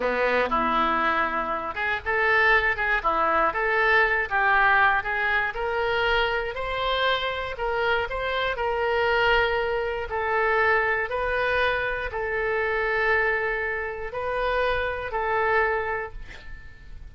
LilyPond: \new Staff \with { instrumentName = "oboe" } { \time 4/4 \tempo 4 = 119 b4 e'2~ e'8 gis'8 | a'4. gis'8 e'4 a'4~ | a'8 g'4. gis'4 ais'4~ | ais'4 c''2 ais'4 |
c''4 ais'2. | a'2 b'2 | a'1 | b'2 a'2 | }